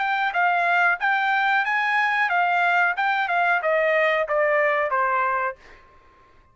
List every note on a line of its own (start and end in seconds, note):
0.00 0.33 G5
0.34 0.99 F5
1.00 1.65 G5
1.65 2.30 G#5
2.30 2.95 F5
2.97 3.29 G5
3.29 3.61 F5
3.63 4.28 D#5
4.29 4.91 D5
4.91 5.56 C5